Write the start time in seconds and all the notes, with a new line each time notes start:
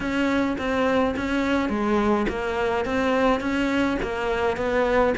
0.00 C#4
0.57 C4
1.16 C#4
1.69 G#3
2.28 A#3
2.85 C4
3.40 C#4
4.02 A#3
4.57 B3